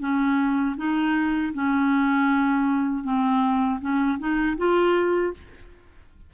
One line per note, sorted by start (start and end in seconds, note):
0.00 0.76 C#4
0.77 1.53 D#4
1.54 3.04 C#4
3.04 3.80 C4
3.81 4.19 C#4
4.19 4.57 D#4
4.57 5.33 F4